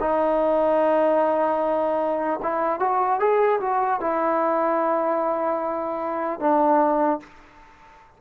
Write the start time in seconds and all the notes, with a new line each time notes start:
0.00 D#4
2.43 E4
2.80 F#4
3.20 G#4
3.60 F#4
4.00 E4
6.40 D4